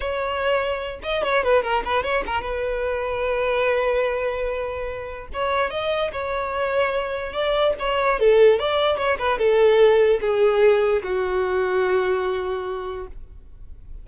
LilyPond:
\new Staff \with { instrumentName = "violin" } { \time 4/4 \tempo 4 = 147 cis''2~ cis''8 dis''8 cis''8 b'8 | ais'8 b'8 cis''8 ais'8 b'2~ | b'1~ | b'4 cis''4 dis''4 cis''4~ |
cis''2 d''4 cis''4 | a'4 d''4 cis''8 b'8 a'4~ | a'4 gis'2 fis'4~ | fis'1 | }